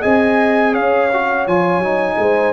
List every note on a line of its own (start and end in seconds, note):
0.00 0.77 C4
0.00 1.10 G#4
0.00 0.72 D#5
0.00 0.75 G#5
0.73 1.47 C#4
0.73 2.17 C#5
0.73 1.47 F5
1.13 1.48 F#4
1.47 1.79 F3
1.47 1.83 F4
1.47 2.53 G#5
1.79 2.15 F#3
1.79 2.53 D#4
2.18 2.53 G#3
2.18 2.53 C5